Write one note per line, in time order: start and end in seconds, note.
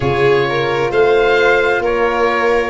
0.00 0.90 C#3
0.00 2.70 F4
0.00 0.45 G#4
0.00 0.91 C#5
0.49 0.90 A#4
0.90 1.79 A3
0.90 1.81 C5
0.90 1.82 F5
1.79 2.70 A#3
1.79 2.70 A#4
1.79 2.70 C#5